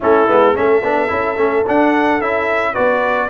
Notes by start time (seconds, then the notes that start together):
0.00 A3 C#4 E4 A4
0.28 G#3 B3
0.54 A3 C#4 A4 E5
0.82 B3 D4
1.07 C#4 E4
1.36 A3 C#4
1.66 D4 F#5
2.20 C#4 E4 E5
2.72 B3 F#4 B4 D5